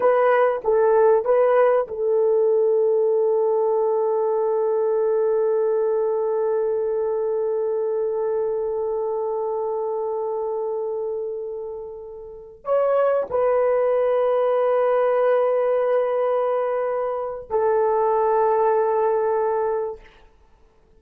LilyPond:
\new Staff \with { instrumentName = "horn" } { \time 4/4 \tempo 4 = 96 b'4 a'4 b'4 a'4~ | a'1~ | a'1~ | a'1~ |
a'1~ | a'16 cis''4 b'2~ b'8.~ | b'1 | a'1 | }